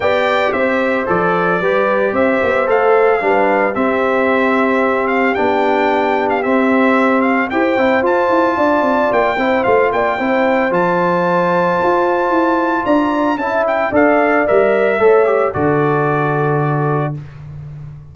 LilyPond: <<
  \new Staff \with { instrumentName = "trumpet" } { \time 4/4 \tempo 4 = 112 g''4 e''4 d''2 | e''4 f''2 e''4~ | e''4. f''8 g''4.~ g''16 f''16 | e''4. f''8 g''4 a''4~ |
a''4 g''4 f''8 g''4. | a''1 | ais''4 a''8 g''8 f''4 e''4~ | e''4 d''2. | }
  \new Staff \with { instrumentName = "horn" } { \time 4/4 d''4 c''2 b'4 | c''2 b'4 g'4~ | g'1~ | g'2 c''2 |
d''4. c''4 d''8 c''4~ | c''1 | d''4 e''4 d''2 | cis''4 a'2. | }
  \new Staff \with { instrumentName = "trombone" } { \time 4/4 g'2 a'4 g'4~ | g'4 a'4 d'4 c'4~ | c'2 d'2 | c'2 g'8 e'8 f'4~ |
f'4. e'8 f'4 e'4 | f'1~ | f'4 e'4 a'4 ais'4 | a'8 g'8 fis'2. | }
  \new Staff \with { instrumentName = "tuba" } { \time 4/4 b4 c'4 f4 g4 | c'8 b8 a4 g4 c'4~ | c'2 b2 | c'2 e'8 c'8 f'8 e'8 |
d'8 c'8 ais8 c'8 a8 ais8 c'4 | f2 f'4 e'4 | d'4 cis'4 d'4 g4 | a4 d2. | }
>>